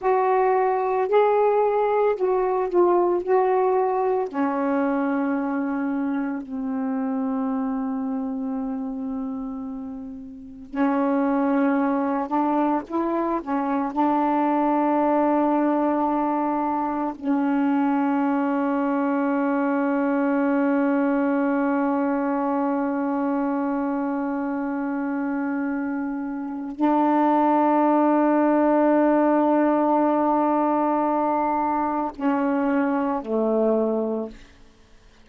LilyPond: \new Staff \with { instrumentName = "saxophone" } { \time 4/4 \tempo 4 = 56 fis'4 gis'4 fis'8 f'8 fis'4 | cis'2 c'2~ | c'2 cis'4. d'8 | e'8 cis'8 d'2. |
cis'1~ | cis'1~ | cis'4 d'2.~ | d'2 cis'4 a4 | }